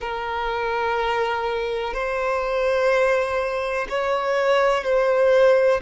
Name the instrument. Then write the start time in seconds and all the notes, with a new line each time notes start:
violin
0.00 A#4
1.94 C5
3.89 C#5
4.83 C5